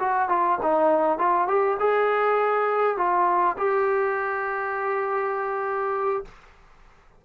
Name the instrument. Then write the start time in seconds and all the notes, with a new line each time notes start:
trombone
0.00 F#4
0.29 F4
0.63 D#4
1.19 F4
1.48 G4
1.80 G#4
2.98 F4
3.58 G4